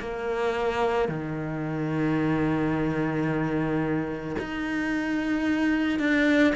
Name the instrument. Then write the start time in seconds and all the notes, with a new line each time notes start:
cello
0.00 A#3
1.09 D#3
4.39 D#4
5.99 D4